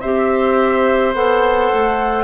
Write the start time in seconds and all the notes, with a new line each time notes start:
0.00 C4 G4 C5 E5
1.13 B3 A4 F#5
1.73 A3